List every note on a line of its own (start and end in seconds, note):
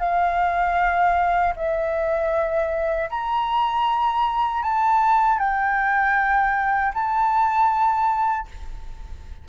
0.00 1.54 F5
1.56 3.10 E5
3.10 4.63 A#5
4.63 5.39 A5
5.39 6.93 G5
6.94 8.48 A5